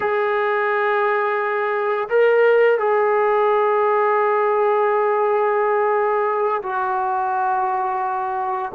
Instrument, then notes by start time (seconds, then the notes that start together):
trombone
0.00 G#4
2.09 A#4
2.78 G#4
6.62 F#4